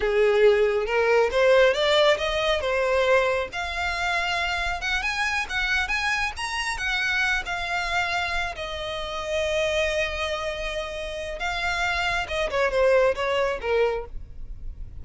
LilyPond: \new Staff \with { instrumentName = "violin" } { \time 4/4 \tempo 4 = 137 gis'2 ais'4 c''4 | d''4 dis''4 c''2 | f''2. fis''8 gis''8~ | gis''8 fis''4 gis''4 ais''4 fis''8~ |
fis''4 f''2~ f''8 dis''8~ | dis''1~ | dis''2 f''2 | dis''8 cis''8 c''4 cis''4 ais'4 | }